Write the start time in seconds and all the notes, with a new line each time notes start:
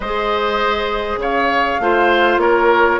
0.00 G#3 G#4 C5 D#5
1.17 C#3 C#5 F5
1.80 A3 F4 C5
2.37 A#3 A#4 C#5